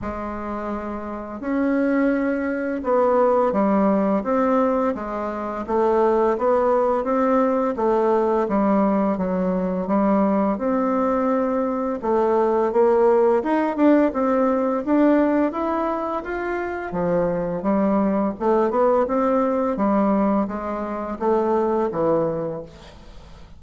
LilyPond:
\new Staff \with { instrumentName = "bassoon" } { \time 4/4 \tempo 4 = 85 gis2 cis'2 | b4 g4 c'4 gis4 | a4 b4 c'4 a4 | g4 fis4 g4 c'4~ |
c'4 a4 ais4 dis'8 d'8 | c'4 d'4 e'4 f'4 | f4 g4 a8 b8 c'4 | g4 gis4 a4 e4 | }